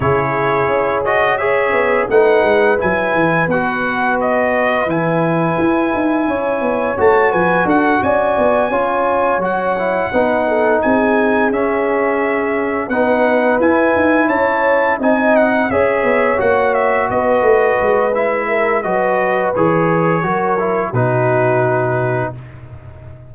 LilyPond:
<<
  \new Staff \with { instrumentName = "trumpet" } { \time 4/4 \tempo 4 = 86 cis''4. dis''8 e''4 fis''4 | gis''4 fis''4 dis''4 gis''4~ | gis''2 a''8 gis''8 fis''8 gis''8~ | gis''4. fis''2 gis''8~ |
gis''8 e''2 fis''4 gis''8~ | gis''8 a''4 gis''8 fis''8 e''4 fis''8 | e''8 dis''4. e''4 dis''4 | cis''2 b'2 | }
  \new Staff \with { instrumentName = "horn" } { \time 4/4 gis'2 cis''4 b'4~ | b'1~ | b'4 cis''4. b'8 a'8 d''8~ | d''8 cis''2 b'8 a'8 gis'8~ |
gis'2~ gis'8 b'4.~ | b'8 cis''4 dis''4 cis''4.~ | cis''8 b'2 ais'8 b'4~ | b'4 ais'4 fis'2 | }
  \new Staff \with { instrumentName = "trombone" } { \time 4/4 e'4. fis'8 gis'4 dis'4 | e'4 fis'2 e'4~ | e'2 fis'2~ | fis'8 f'4 fis'8 e'8 dis'4.~ |
dis'8 cis'2 dis'4 e'8~ | e'4. dis'4 gis'4 fis'8~ | fis'2 e'4 fis'4 | gis'4 fis'8 e'8 dis'2 | }
  \new Staff \with { instrumentName = "tuba" } { \time 4/4 cis4 cis'4. b8 a8 gis8 | fis8 e8 b2 e4 | e'8 dis'8 cis'8 b8 a8 f8 d'8 cis'8 | b8 cis'4 fis4 b4 c'8~ |
c'8 cis'2 b4 e'8 | dis'8 cis'4 c'4 cis'8 b8 ais8~ | ais8 b8 a8 gis4. fis4 | e4 fis4 b,2 | }
>>